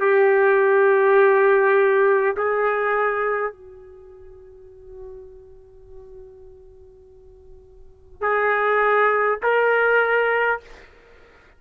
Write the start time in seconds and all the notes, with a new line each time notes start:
0.00 G4
2.36 G#4
3.52 F#4
8.21 G#4
9.43 A#4